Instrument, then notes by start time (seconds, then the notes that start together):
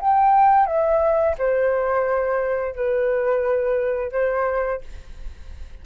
flute
0.00 G5
0.66 E5
1.38 C5
2.75 B4
4.12 C5